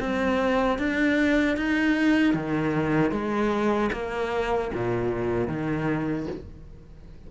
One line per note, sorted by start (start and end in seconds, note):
0.00 0.78 C4
0.78 1.56 D4
1.56 2.34 D#4
2.34 3.11 D#3
3.11 3.90 G#3
3.92 4.71 A#3
4.73 5.48 A#2
5.48 6.27 D#3